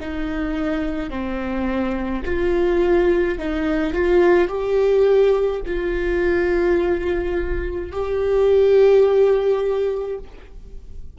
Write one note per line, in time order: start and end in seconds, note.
0.00 1.10 D#4
1.10 2.23 C4
2.25 3.38 F4
3.38 3.93 D#4
3.93 4.48 F4
4.48 5.61 G4
5.66 7.91 F4
7.91 10.18 G4